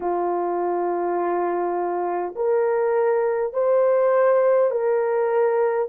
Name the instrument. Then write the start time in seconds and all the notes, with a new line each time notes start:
horn
0.00 F4
2.35 A#4
3.53 C5
4.71 A#4